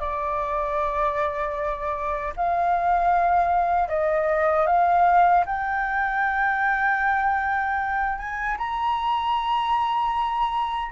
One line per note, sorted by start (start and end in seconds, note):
0.00 2.34 D5
2.36 3.89 F5
3.89 4.67 D#5
4.67 5.45 F5
5.46 8.19 G5
8.19 8.57 G#5
8.58 10.92 A#5